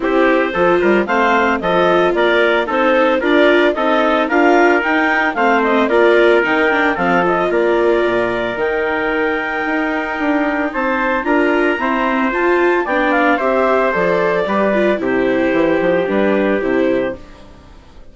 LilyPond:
<<
  \new Staff \with { instrumentName = "clarinet" } { \time 4/4 \tempo 4 = 112 c''2 f''4 dis''4 | d''4 c''4 d''4 dis''4 | f''4 g''4 f''8 dis''8 d''4 | g''4 f''8 dis''8 d''2 |
g''1 | a''4 ais''2 a''4 | g''8 f''8 e''4 d''2 | c''2 b'4 c''4 | }
  \new Staff \with { instrumentName = "trumpet" } { \time 4/4 g'4 a'8 ais'8 c''4 a'4 | ais'4 a'4 ais'4 a'4 | ais'2 c''4 ais'4~ | ais'4 a'4 ais'2~ |
ais'1 | c''4 ais'4 c''2 | d''4 c''2 b'4 | g'1 | }
  \new Staff \with { instrumentName = "viola" } { \time 4/4 e'4 f'4 c'4 f'4~ | f'4 dis'4 f'4 dis'4 | f'4 dis'4 c'4 f'4 | dis'8 d'8 c'8 f'2~ f'8 |
dis'1~ | dis'4 f'4 c'4 f'4 | d'4 g'4 a'4 g'8 f'8 | e'2 d'4 e'4 | }
  \new Staff \with { instrumentName = "bassoon" } { \time 4/4 c'4 f8 g8 a4 f4 | ais4 c'4 d'4 c'4 | d'4 dis'4 a4 ais4 | dis4 f4 ais4 ais,4 |
dis2 dis'4 d'4 | c'4 d'4 e'4 f'4 | b4 c'4 f4 g4 | c4 e8 f8 g4 c4 | }
>>